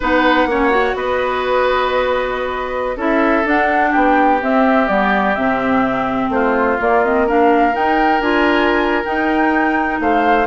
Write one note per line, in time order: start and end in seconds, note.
0.00 0.45 B3
0.00 0.49 D#4
0.00 0.48 B4
0.00 0.96 F#5
0.45 0.93 A#3
0.45 0.70 C#4
0.45 0.96 C#5
0.70 2.96 F#4
0.94 2.96 B3
0.94 2.97 B4
0.94 2.98 D#5
2.96 3.44 C#4
2.96 3.45 E4
2.96 3.90 A4
2.96 3.47 E5
3.44 3.92 D4
3.44 4.40 D4
3.44 3.91 F#5
3.90 4.42 B3
3.90 6.28 G4
3.90 4.39 G5
4.41 4.87 C4
4.41 4.89 C4
4.41 4.87 E5
4.87 5.36 G3
4.87 5.35 B3
4.87 5.34 D5
5.34 6.29 C3
5.34 6.79 C4
5.34 6.29 E5
6.29 6.76 A3
6.29 7.26 F4
6.29 6.78 C5
6.79 7.02 A#3
6.79 7.75 A#3
6.79 7.04 D5
7.04 7.27 C4
7.04 7.28 D#5
7.26 7.72 D4
7.26 10.00 A#4
7.26 7.75 F5
7.72 8.20 D#4
7.72 8.21 G5
8.20 9.03 D4
8.20 9.04 F4
8.20 9.04 G#5
9.04 10.47 D#4
9.04 9.99 D#4
9.04 10.00 G5
9.99 10.47 A3
9.99 10.47 C5
9.99 10.47 F5